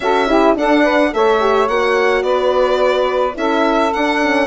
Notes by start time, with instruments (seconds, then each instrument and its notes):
0.00 bassoon C#4, horn F#4, saxophone A4, violin E5
0.27 horn E4, saxophone G4
0.55 horn D4, bassoon D4, saxophone A4, violin F#5
0.82 saxophone B4
1.12 bassoon A3, horn A4, saxophone C#5, violin E5
1.40 horn G4
1.67 bassoon A#3, horn F#4, violin F#5
2.22 bassoon B3, saxophone B4, violin D5
3.34 bassoon C#4, horn E4, saxophone A4, violin E5
3.93 bassoon D4, horn D4, violin F#5
4.21 horn C#4